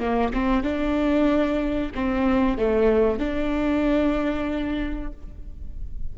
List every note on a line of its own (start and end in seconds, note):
0.00 0.32 A#3
0.33 0.63 C4
0.63 1.92 D4
1.95 2.58 C4
2.58 3.19 A3
3.19 5.13 D4